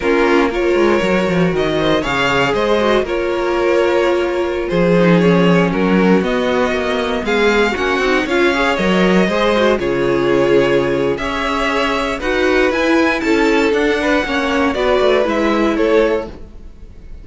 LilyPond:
<<
  \new Staff \with { instrumentName = "violin" } { \time 4/4 \tempo 4 = 118 ais'4 cis''2 dis''4 | f''4 dis''4 cis''2~ | cis''4~ cis''16 c''4 cis''4 ais'8.~ | ais'16 dis''2 f''4 fis''8.~ |
fis''16 f''4 dis''2 cis''8.~ | cis''2 e''2 | fis''4 gis''4 a''4 fis''4~ | fis''4 d''4 e''4 cis''4 | }
  \new Staff \with { instrumentName = "violin" } { \time 4/4 f'4 ais'2~ ais'8 c''8 | cis''4 c''4 ais'2~ | ais'4~ ais'16 gis'2 fis'8.~ | fis'2~ fis'16 gis'4 fis'8.~ |
fis'16 cis''2 c''4 gis'8.~ | gis'2 cis''2 | b'2 a'4. b'8 | cis''4 b'2 a'4 | }
  \new Staff \with { instrumentName = "viola" } { \time 4/4 cis'4 f'4 fis'2 | gis'4. fis'8 f'2~ | f'4.~ f'16 dis'8 cis'4.~ cis'16~ | cis'16 b2. cis'8 dis'16~ |
dis'16 f'8 gis'8 ais'4 gis'8 fis'8 f'8.~ | f'2 gis'2 | fis'4 e'2 d'4 | cis'4 fis'4 e'2 | }
  \new Staff \with { instrumentName = "cello" } { \time 4/4 ais4. gis8 fis8 f8 dis4 | cis4 gis4 ais2~ | ais4~ ais16 f2 fis8.~ | fis16 b4 ais4 gis4 ais8 c'16~ |
c'16 cis'4 fis4 gis4 cis8.~ | cis2 cis'2 | dis'4 e'4 cis'4 d'4 | ais4 b8 a8 gis4 a4 | }
>>